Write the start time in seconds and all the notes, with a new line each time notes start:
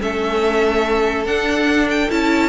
0.00 A3 C#4 A4 E5
1.25 D4 F#5
1.90 G5
2.09 C#4 E4 A5